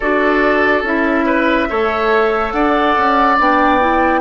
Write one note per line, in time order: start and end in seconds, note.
0.00 0.82 D4
0.00 0.85 F#4
0.00 1.25 A4
0.00 0.84 D5
0.82 1.67 C#4
0.82 1.68 E4
0.82 2.52 E5
1.25 1.67 B4
1.68 2.52 A3
1.68 3.37 A4
1.68 2.54 C#5
2.52 2.95 D4
2.52 4.21 D5
2.52 3.36 F#5
2.97 3.39 C#4
3.38 4.21 B3
3.38 3.80 D4
3.38 4.21 G5
3.80 4.21 E4